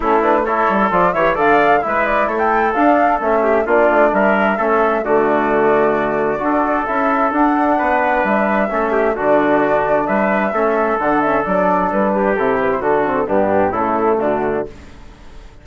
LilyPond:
<<
  \new Staff \with { instrumentName = "flute" } { \time 4/4 \tempo 4 = 131 a'8 b'8 cis''4 d''8 e''8 f''4 | e''8 d''8 cis''16 g''8. f''4 e''4 | d''4 e''2 d''4~ | d''2. e''4 |
fis''2 e''2 | d''2 e''2 | fis''8 e''8 d''4 b'4 a'8 b'16 c''16 | a'4 g'4 a'4 fis'4 | }
  \new Staff \with { instrumentName = "trumpet" } { \time 4/4 e'4 a'4. cis''8 d''4 | b'4 a'2~ a'8 g'8 | f'4 ais'4 a'4 fis'4~ | fis'2 a'2~ |
a'4 b'2 a'8 g'8 | fis'2 b'4 a'4~ | a'2~ a'8 g'4. | fis'4 d'4 e'4 d'4 | }
  \new Staff \with { instrumentName = "trombone" } { \time 4/4 cis'8 d'8 e'4 f'8 g'8 a'4 | e'2 d'4 cis'4 | d'2 cis'4 a4~ | a2 fis'4 e'4 |
d'2. cis'4 | d'2. cis'4 | d'8 cis'8 d'2 e'4 | d'8 c'8 b4 a2 | }
  \new Staff \with { instrumentName = "bassoon" } { \time 4/4 a4. g8 f8 e8 d4 | gis4 a4 d'4 a4 | ais8 a8 g4 a4 d4~ | d2 d'4 cis'4 |
d'4 b4 g4 a4 | d2 g4 a4 | d4 fis4 g4 c4 | d4 g,4 cis4 d4 | }
>>